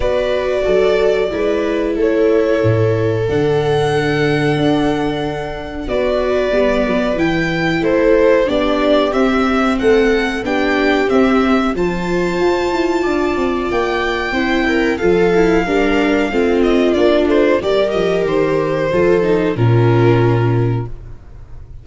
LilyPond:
<<
  \new Staff \with { instrumentName = "violin" } { \time 4/4 \tempo 4 = 92 d''2. cis''4~ | cis''4 fis''2.~ | fis''4 d''2 g''4 | c''4 d''4 e''4 fis''4 |
g''4 e''4 a''2~ | a''4 g''2 f''4~ | f''4. dis''8 d''8 c''8 d''8 dis''8 | c''2 ais'2 | }
  \new Staff \with { instrumentName = "viola" } { \time 4/4 b'4 a'4 b'4 a'4~ | a'1~ | a'4 b'2. | a'4 g'2 a'4 |
g'2 c''2 | d''2 c''8 ais'8 a'4 | ais'4 f'2 ais'4~ | ais'4 a'4 f'2 | }
  \new Staff \with { instrumentName = "viola" } { \time 4/4 fis'2 e'2~ | e'4 d'2.~ | d'4 fis'4 b4 e'4~ | e'4 d'4 c'2 |
d'4 c'4 f'2~ | f'2 e'4 f'8 e'8 | d'4 c'4 d'4 g'4~ | g'4 f'8 dis'8 cis'2 | }
  \new Staff \with { instrumentName = "tuba" } { \time 4/4 b4 fis4 gis4 a4 | a,4 d2 d'4~ | d'4 b4 g8 fis8 e4 | a4 b4 c'4 a4 |
b4 c'4 f4 f'8 e'8 | d'8 c'8 ais4 c'4 f4 | g4 a4 ais8 a8 g8 f8 | dis4 f4 ais,2 | }
>>